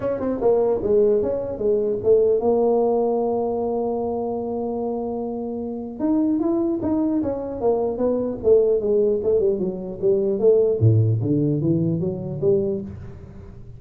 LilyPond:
\new Staff \with { instrumentName = "tuba" } { \time 4/4 \tempo 4 = 150 cis'8 c'8 ais4 gis4 cis'4 | gis4 a4 ais2~ | ais1~ | ais2. dis'4 |
e'4 dis'4 cis'4 ais4 | b4 a4 gis4 a8 g8 | fis4 g4 a4 a,4 | d4 e4 fis4 g4 | }